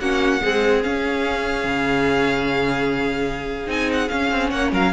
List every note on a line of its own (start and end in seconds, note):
0.00 0.41 A#3
0.00 0.41 C#4
0.00 0.43 F#4
0.00 0.83 F#5
0.41 0.82 G#3
0.41 0.85 C4
0.41 4.51 G#4
0.84 3.67 C#4
0.84 1.64 C#4
0.84 3.70 F5
1.64 3.68 C#3
3.67 4.09 C4
3.67 4.08 D#4
3.67 3.91 G#5
3.93 4.09 F#5
4.09 4.93 C#4
4.09 4.31 C#4
4.09 4.50 F5
4.31 4.52 C4
4.50 4.72 A#3
4.50 4.71 C#5
4.50 4.71 F#5
4.72 4.92 F#3
4.72 4.92 A#4
4.72 4.93 F5